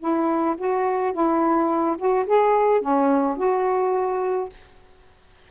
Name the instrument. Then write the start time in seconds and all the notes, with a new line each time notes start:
saxophone
0.00 E4
0.58 F#4
1.13 E4
1.98 F#4
2.27 G#4
2.82 C#4
3.37 F#4